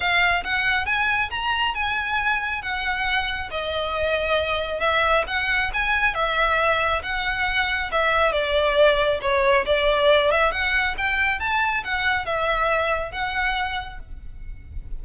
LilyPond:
\new Staff \with { instrumentName = "violin" } { \time 4/4 \tempo 4 = 137 f''4 fis''4 gis''4 ais''4 | gis''2 fis''2 | dis''2. e''4 | fis''4 gis''4 e''2 |
fis''2 e''4 d''4~ | d''4 cis''4 d''4. e''8 | fis''4 g''4 a''4 fis''4 | e''2 fis''2 | }